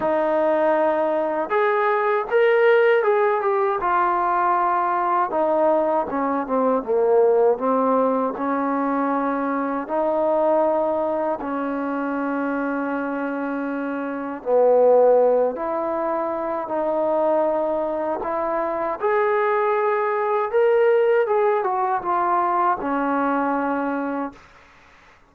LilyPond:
\new Staff \with { instrumentName = "trombone" } { \time 4/4 \tempo 4 = 79 dis'2 gis'4 ais'4 | gis'8 g'8 f'2 dis'4 | cis'8 c'8 ais4 c'4 cis'4~ | cis'4 dis'2 cis'4~ |
cis'2. b4~ | b8 e'4. dis'2 | e'4 gis'2 ais'4 | gis'8 fis'8 f'4 cis'2 | }